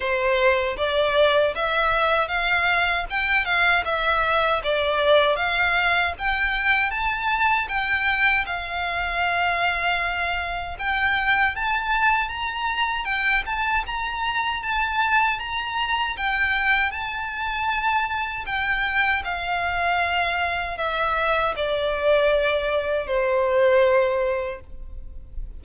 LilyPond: \new Staff \with { instrumentName = "violin" } { \time 4/4 \tempo 4 = 78 c''4 d''4 e''4 f''4 | g''8 f''8 e''4 d''4 f''4 | g''4 a''4 g''4 f''4~ | f''2 g''4 a''4 |
ais''4 g''8 a''8 ais''4 a''4 | ais''4 g''4 a''2 | g''4 f''2 e''4 | d''2 c''2 | }